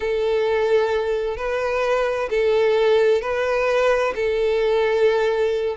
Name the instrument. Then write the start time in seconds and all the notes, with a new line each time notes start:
violin
0.00 A4
1.36 B4
2.30 A4
3.21 B4
4.15 A4